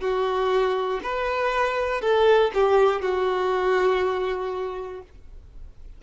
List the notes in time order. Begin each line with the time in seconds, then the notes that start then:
0.00 F#4
1.03 B4
2.01 A4
2.54 G4
3.02 F#4